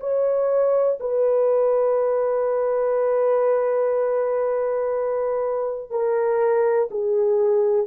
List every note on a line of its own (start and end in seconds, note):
0.00 0.98 C#5
1.00 5.91 B4
5.91 6.89 A#4
6.91 7.87 G#4